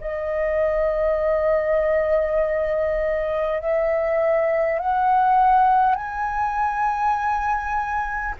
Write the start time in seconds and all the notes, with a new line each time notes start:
0.00 D#5
3.60 E5
4.79 F#5
5.95 G#5